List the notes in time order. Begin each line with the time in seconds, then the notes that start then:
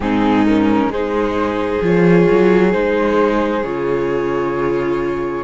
0.00 G#2 C4 D#4 G#4
0.46 C#4 A#4
0.87 G#3 D#4 G#4 C5
1.81 F3 F4 C#5
2.30 F#3
2.72 G#3 D#4 C5
3.62 C#3 F4 C#5